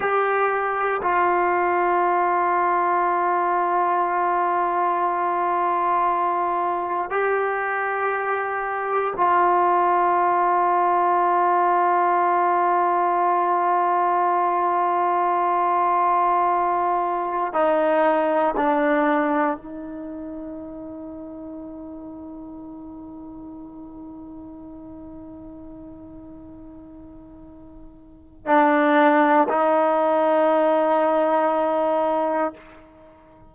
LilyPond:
\new Staff \with { instrumentName = "trombone" } { \time 4/4 \tempo 4 = 59 g'4 f'2.~ | f'2. g'4~ | g'4 f'2.~ | f'1~ |
f'4~ f'16 dis'4 d'4 dis'8.~ | dis'1~ | dis'1 | d'4 dis'2. | }